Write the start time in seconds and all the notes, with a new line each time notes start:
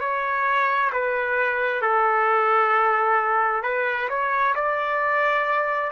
0.00 C#5
0.93 B4
1.81 A4
3.63 B4
4.09 C#5
4.55 D5